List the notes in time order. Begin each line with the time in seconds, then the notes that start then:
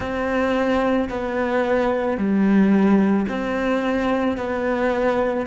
0.00 C4
1.09 B3
2.17 G3
3.28 C4
4.37 B3